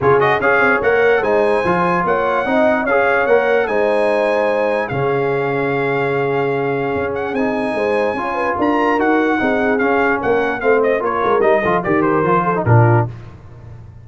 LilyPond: <<
  \new Staff \with { instrumentName = "trumpet" } { \time 4/4 \tempo 4 = 147 cis''8 dis''8 f''4 fis''4 gis''4~ | gis''4 fis''2 f''4 | fis''4 gis''2. | f''1~ |
f''4. fis''8 gis''2~ | gis''4 ais''4 fis''2 | f''4 fis''4 f''8 dis''8 cis''4 | dis''4 d''8 c''4. ais'4 | }
  \new Staff \with { instrumentName = "horn" } { \time 4/4 gis'4 cis''2 c''4~ | c''4 cis''4 dis''4 cis''4~ | cis''4 c''2. | gis'1~ |
gis'2. c''4 | cis''8 b'8 ais'2 gis'4~ | gis'4 ais'4 c''4 ais'4~ | ais'8 a'8 ais'4. a'8 f'4 | }
  \new Staff \with { instrumentName = "trombone" } { \time 4/4 f'8 fis'8 gis'4 ais'4 dis'4 | f'2 dis'4 gis'4 | ais'4 dis'2. | cis'1~ |
cis'2 dis'2 | f'2 fis'4 dis'4 | cis'2 c'4 f'4 | dis'8 f'8 g'4 f'8. dis'16 d'4 | }
  \new Staff \with { instrumentName = "tuba" } { \time 4/4 cis4 cis'8 c'8 ais4 gis4 | f4 ais4 c'4 cis'4 | ais4 gis2. | cis1~ |
cis4 cis'4 c'4 gis4 | cis'4 d'4 dis'4 c'4 | cis'4 ais4 a4 ais8 gis8 | g8 f8 dis4 f4 ais,4 | }
>>